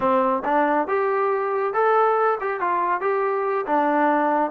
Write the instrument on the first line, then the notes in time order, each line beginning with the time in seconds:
trombone
0.00 C4
0.45 D4
0.87 G4
1.73 A4
2.40 G4
2.60 F4
3.01 G4
3.66 D4